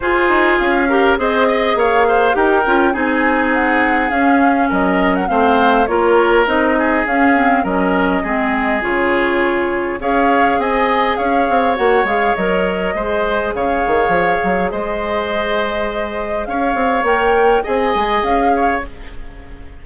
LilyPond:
<<
  \new Staff \with { instrumentName = "flute" } { \time 4/4 \tempo 4 = 102 c''4 f''4 dis''4 f''4 | g''4 gis''4 fis''4 f''4 | dis''8. fis''16 f''4 cis''4 dis''4 | f''4 dis''2 cis''4~ |
cis''4 f''4 gis''4 f''4 | fis''8 f''8 dis''2 f''4~ | f''4 dis''2. | f''4 g''4 gis''4 f''4 | }
  \new Staff \with { instrumentName = "oboe" } { \time 4/4 gis'4. ais'8 c''8 dis''8 cis''8 c''8 | ais'4 gis'2. | ais'4 c''4 ais'4. gis'8~ | gis'4 ais'4 gis'2~ |
gis'4 cis''4 dis''4 cis''4~ | cis''2 c''4 cis''4~ | cis''4 c''2. | cis''2 dis''4. cis''8 | }
  \new Staff \with { instrumentName = "clarinet" } { \time 4/4 f'4. g'8 gis'2 | g'8 f'8 dis'2 cis'4~ | cis'4 c'4 f'4 dis'4 | cis'8 c'8 cis'4 c'4 f'4~ |
f'4 gis'2. | fis'8 gis'8 ais'4 gis'2~ | gis'1~ | gis'4 ais'4 gis'2 | }
  \new Staff \with { instrumentName = "bassoon" } { \time 4/4 f'8 dis'8 cis'4 c'4 ais4 | dis'8 cis'8 c'2 cis'4 | fis4 a4 ais4 c'4 | cis'4 fis4 gis4 cis4~ |
cis4 cis'4 c'4 cis'8 c'8 | ais8 gis8 fis4 gis4 cis8 dis8 | f8 fis8 gis2. | cis'8 c'8 ais4 c'8 gis8 cis'4 | }
>>